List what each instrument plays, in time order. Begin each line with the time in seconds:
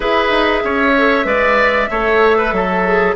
0.00 bassoon E4, clarinet G#4, oboe B4, flute E5
0.30 bassoon D#4
0.64 bassoon C#4, oboe C#5
0.97 clarinet A4
1.24 bassoon G#3, clarinet B4, oboe D5
1.90 bassoon A3, clarinet A4, oboe C#5
2.37 oboe B4
2.52 bassoon F#3, oboe A4
2.85 clarinet G#4